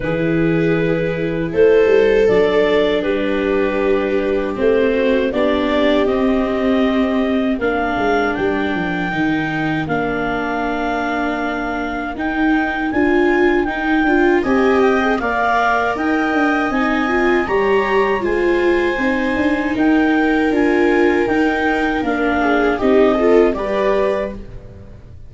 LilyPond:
<<
  \new Staff \with { instrumentName = "clarinet" } { \time 4/4 \tempo 4 = 79 b'2 c''4 d''4 | b'2 c''4 d''4 | dis''2 f''4 g''4~ | g''4 f''2. |
g''4 gis''4 g''4 gis''8 g''8 | f''4 g''4 gis''4 ais''4 | gis''2 g''4 gis''4 | g''4 f''4 dis''4 d''4 | }
  \new Staff \with { instrumentName = "viola" } { \time 4/4 gis'2 a'2 | g'2~ g'8 fis'8 g'4~ | g'2 ais'2~ | ais'1~ |
ais'2. dis''4 | d''4 dis''2 cis''4 | c''2 ais'2~ | ais'4. gis'8 g'8 a'8 b'4 | }
  \new Staff \with { instrumentName = "viola" } { \time 4/4 e'2. d'4~ | d'2 c'4 d'4 | c'2 d'2 | dis'4 d'2. |
dis'4 f'4 dis'8 f'8 g'8. gis'16 | ais'2 dis'8 f'8 g'4 | f'4 dis'2 f'4 | dis'4 d'4 dis'8 f'8 g'4 | }
  \new Staff \with { instrumentName = "tuba" } { \time 4/4 e2 a8 g8 fis4 | g2 a4 b4 | c'2 ais8 gis8 g8 f8 | dis4 ais2. |
dis'4 d'4 dis'8 d'8 c'4 | ais4 dis'8 d'8 c'4 g4 | gis4 c'8 d'8 dis'4 d'4 | dis'4 ais4 c'4 g4 | }
>>